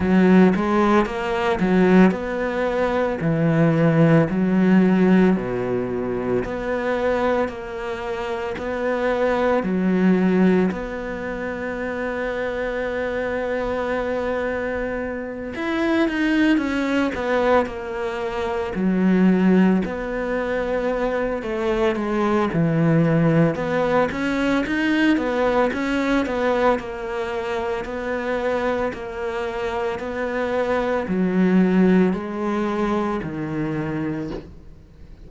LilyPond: \new Staff \with { instrumentName = "cello" } { \time 4/4 \tempo 4 = 56 fis8 gis8 ais8 fis8 b4 e4 | fis4 b,4 b4 ais4 | b4 fis4 b2~ | b2~ b8 e'8 dis'8 cis'8 |
b8 ais4 fis4 b4. | a8 gis8 e4 b8 cis'8 dis'8 b8 | cis'8 b8 ais4 b4 ais4 | b4 fis4 gis4 dis4 | }